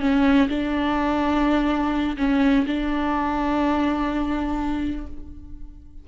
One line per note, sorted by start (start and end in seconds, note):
0.00 0.48 C#4
0.49 2.17 D4
2.17 2.65 C#4
2.66 5.06 D4